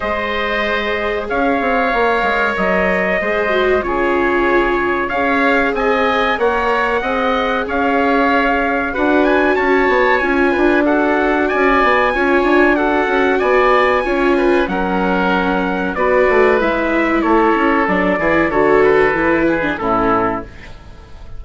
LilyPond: <<
  \new Staff \with { instrumentName = "trumpet" } { \time 4/4 \tempo 4 = 94 dis''2 f''2 | dis''2 cis''2 | f''4 gis''4 fis''2 | f''2 fis''8 gis''8 a''4 |
gis''4 fis''4 gis''2 | fis''4 gis''2 fis''4~ | fis''4 d''4 e''4 cis''4 | d''4 cis''8 b'4. a'4 | }
  \new Staff \with { instrumentName = "oboe" } { \time 4/4 c''2 cis''2~ | cis''4 c''4 gis'2 | cis''4 dis''4 cis''4 dis''4 | cis''2 b'4 cis''4~ |
cis''8 b'8 a'4 d''4 cis''4 | a'4 d''4 cis''8 b'8 ais'4~ | ais'4 b'2 a'4~ | a'8 gis'8 a'4. gis'8 e'4 | }
  \new Staff \with { instrumentName = "viola" } { \time 4/4 gis'2. ais'4~ | ais'4 gis'8 fis'8 f'2 | gis'2 ais'4 gis'4~ | gis'2 fis'2 |
f'4 fis'2 f'4 | fis'2 f'4 cis'4~ | cis'4 fis'4 e'2 | d'8 e'8 fis'4 e'8. d'16 cis'4 | }
  \new Staff \with { instrumentName = "bassoon" } { \time 4/4 gis2 cis'8 c'8 ais8 gis8 | fis4 gis4 cis2 | cis'4 c'4 ais4 c'4 | cis'2 d'4 cis'8 b8 |
cis'8 d'4. cis'8 b8 cis'8 d'8~ | d'8 cis'8 b4 cis'4 fis4~ | fis4 b8 a8 gis4 a8 cis'8 | fis8 e8 d4 e4 a,4 | }
>>